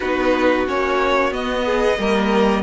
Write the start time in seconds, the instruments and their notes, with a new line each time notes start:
0.00 cello B3, viola D#4, violin F#4 B4
0.67 cello A#3, viola C#4, violin C#5
1.31 viola B3, cello B3, violin D#5
1.65 violin G#4
1.98 cello G3, viola A#3, violin A#4